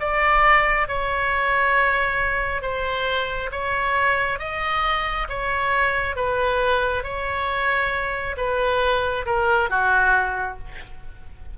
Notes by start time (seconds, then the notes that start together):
0.00 D5
0.88 C#5
2.62 C5
3.52 C#5
4.40 D#5
5.29 C#5
6.16 B4
7.03 C#5
8.37 B4
9.26 A#4
9.70 F#4